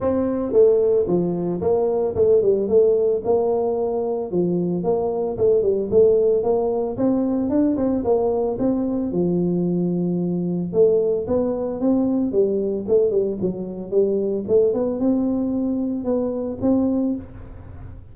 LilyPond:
\new Staff \with { instrumentName = "tuba" } { \time 4/4 \tempo 4 = 112 c'4 a4 f4 ais4 | a8 g8 a4 ais2 | f4 ais4 a8 g8 a4 | ais4 c'4 d'8 c'8 ais4 |
c'4 f2. | a4 b4 c'4 g4 | a8 g8 fis4 g4 a8 b8 | c'2 b4 c'4 | }